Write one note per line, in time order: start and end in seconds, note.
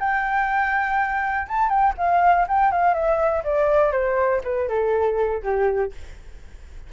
0.00 1.48 G5
1.49 1.69 A5
1.69 1.94 G5
1.98 2.47 F5
2.49 2.72 G5
2.72 2.94 F5
2.94 3.43 E5
3.44 3.92 D5
3.92 4.42 C5
4.44 4.69 B4
4.69 5.43 A4
5.43 5.93 G4